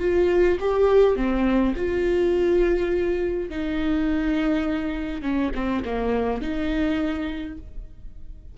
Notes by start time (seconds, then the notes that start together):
0.00 F4
0.60 G4
1.17 C4
1.76 F4
3.50 D#4
5.22 C#4
5.55 C4
5.85 A#3
6.42 D#4